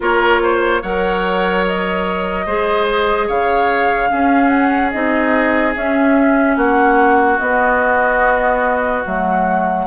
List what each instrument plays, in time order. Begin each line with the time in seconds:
0.00 bassoon A#3, clarinet F4, oboe A#4, flute C#5
0.42 oboe C5
0.82 bassoon F#3, clarinet A#4, oboe C#5, flute F#5
1.66 flute D#5
2.46 bassoon G#3, clarinet G#4, oboe C5
3.27 bassoon C#3, oboe C#5, flute F5
4.09 clarinet C#4, bassoon C#4, oboe G#4
4.48 flute F#5
4.91 bassoon C4, clarinet D#4, flute D#5
5.74 clarinet C#4, bassoon C#4, flute E5
6.56 bassoon A#3, oboe F#4, flute F#5
7.38 clarinet B3, bassoon B3, flute D#5
9.04 bassoon F#3, clarinet A3, flute F#5